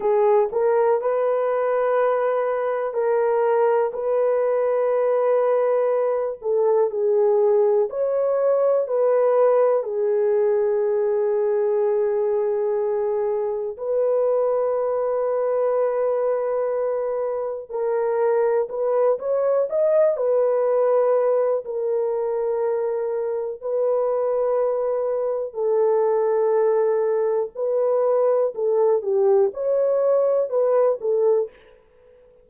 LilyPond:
\new Staff \with { instrumentName = "horn" } { \time 4/4 \tempo 4 = 61 gis'8 ais'8 b'2 ais'4 | b'2~ b'8 a'8 gis'4 | cis''4 b'4 gis'2~ | gis'2 b'2~ |
b'2 ais'4 b'8 cis''8 | dis''8 b'4. ais'2 | b'2 a'2 | b'4 a'8 g'8 cis''4 b'8 a'8 | }